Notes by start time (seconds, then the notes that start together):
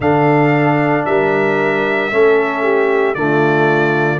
0.00 D3 D4 A4 F5
1.05 G3 A#4 E5
2.11 A3 C#4 A4
2.62 G4
3.14 D3 A3 F4 D5